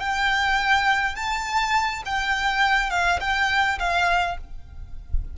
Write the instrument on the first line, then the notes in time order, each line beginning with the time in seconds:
violin
0.00 G5
1.15 A5
2.05 G5
2.90 F5
3.20 G5
3.79 F5